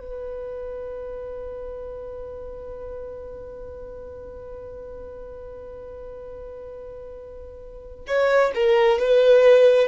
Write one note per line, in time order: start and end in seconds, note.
0.00 8.06 B4
8.08 8.52 C#5
8.55 8.99 A#4
8.99 9.88 B4